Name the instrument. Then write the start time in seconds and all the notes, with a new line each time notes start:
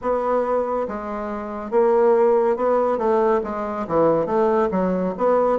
bassoon
0.01 B3
0.88 G#3
1.70 A#3
2.56 B3
2.98 A3
3.43 G#3
3.87 E3
4.25 A3
4.71 F#3
5.17 B3